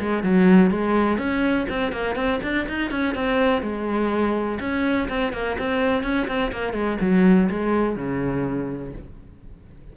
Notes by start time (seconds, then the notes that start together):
0.00 G#3
0.23 F#3
0.71 G#3
1.19 C#4
1.69 C4
1.92 A#3
2.16 C4
2.43 D4
2.69 D#4
2.91 C#4
3.15 C4
3.62 G#3
4.61 C#4
5.09 C4
5.33 A#3
5.59 C4
6.04 C#4
6.28 C4
6.52 A#3
6.74 G#3
7.01 F#3
7.50 G#3
7.96 C#3